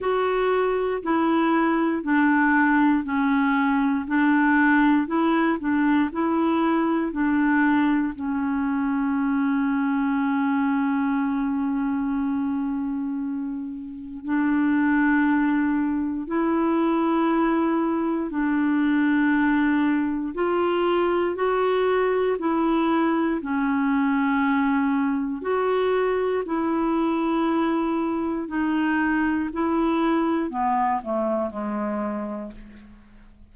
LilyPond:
\new Staff \with { instrumentName = "clarinet" } { \time 4/4 \tempo 4 = 59 fis'4 e'4 d'4 cis'4 | d'4 e'8 d'8 e'4 d'4 | cis'1~ | cis'2 d'2 |
e'2 d'2 | f'4 fis'4 e'4 cis'4~ | cis'4 fis'4 e'2 | dis'4 e'4 b8 a8 gis4 | }